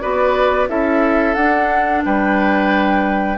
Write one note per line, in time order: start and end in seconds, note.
0.00 0.69 B3
0.00 0.68 F#4
0.00 0.69 B4
0.00 0.67 D5
0.68 1.35 C#4
0.68 1.35 E4
0.68 2.04 A4
0.68 1.34 E5
1.34 2.03 D4
1.34 3.37 D4
1.34 2.01 F#5
2.05 3.37 G3
2.05 3.37 B4
2.05 3.37 G5